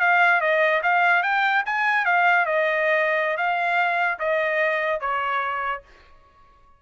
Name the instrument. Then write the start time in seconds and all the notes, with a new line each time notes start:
trumpet
0.00 F5
0.41 D#5
0.83 F5
1.23 G5
1.66 G#5
2.05 F5
2.46 D#5
3.37 F5
4.19 D#5
5.00 C#5